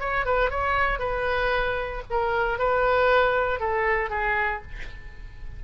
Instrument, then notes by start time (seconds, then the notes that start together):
oboe
0.00 C#5
0.26 B4
0.50 C#5
0.99 B4
2.10 A#4
2.59 B4
3.60 A4
4.10 G#4